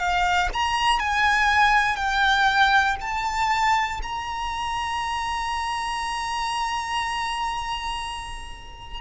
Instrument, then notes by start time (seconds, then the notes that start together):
violin
0.00 F5
0.54 A#5
1.00 G#5
1.96 G5
3.01 A5
4.03 A#5